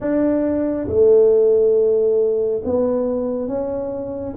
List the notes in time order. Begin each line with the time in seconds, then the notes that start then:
0.00 D4
0.88 A3
2.64 B3
3.47 C#4